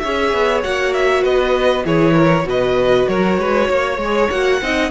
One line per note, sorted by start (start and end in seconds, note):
0.00 0.34 C#4
0.00 0.64 G#4
0.00 1.23 C#5
0.00 0.61 E5
0.34 0.65 B3
0.64 1.25 A#3
0.64 1.85 F#4
0.64 0.94 F#5
0.94 1.24 E5
1.23 1.86 B3
1.23 1.84 B4
1.23 1.86 D#5
1.85 2.45 E3
1.85 2.44 E4
1.85 2.15 G#4
1.85 2.48 C#5
2.15 2.45 A#4
2.44 3.06 B2
2.44 3.97 F#4
2.44 3.10 B4
2.44 3.09 D#5
3.09 3.38 F#3
3.09 3.40 A#4
3.09 4.30 C#5
3.38 3.69 G#3
3.38 3.69 B4
3.69 3.98 A#3
3.69 4.61 C#5
3.98 4.29 G#3
4.05 4.31 G#4
4.30 4.62 A#3
4.30 4.62 F#4
4.30 4.91 F#5
4.62 4.91 C4
4.62 4.91 D#4
4.62 4.91 D#5